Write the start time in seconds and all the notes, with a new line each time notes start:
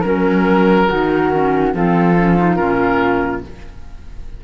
0.00 F#3 C#4 A#4
0.89 D#3 D#4 F#4
1.33 C#4
1.73 F3 C4 F4 A4
2.16 C#4
2.37 D#4
2.56 A#2 C#4 A#4